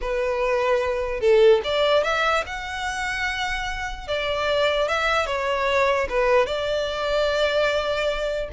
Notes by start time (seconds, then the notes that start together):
0.01 B4
1.20 A4
1.64 D5
2.03 E5
2.46 F#5
4.07 D5
4.88 E5
5.26 C#5
6.09 B4
6.46 D5